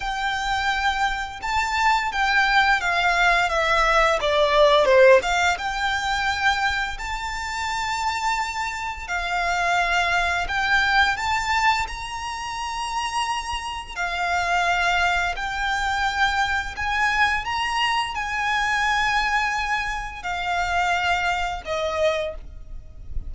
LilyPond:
\new Staff \with { instrumentName = "violin" } { \time 4/4 \tempo 4 = 86 g''2 a''4 g''4 | f''4 e''4 d''4 c''8 f''8 | g''2 a''2~ | a''4 f''2 g''4 |
a''4 ais''2. | f''2 g''2 | gis''4 ais''4 gis''2~ | gis''4 f''2 dis''4 | }